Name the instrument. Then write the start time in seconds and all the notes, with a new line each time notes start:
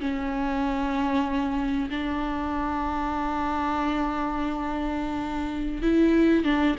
viola
0.00 C#4
1.91 D4
5.82 E4
6.44 D4